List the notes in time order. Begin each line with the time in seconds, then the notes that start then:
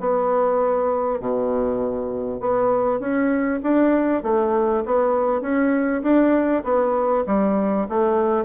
0.00 B3
1.20 B2
2.40 B3
3.00 C#4
3.63 D4
4.23 A3
4.85 B3
5.42 C#4
6.03 D4
6.64 B3
7.27 G3
7.89 A3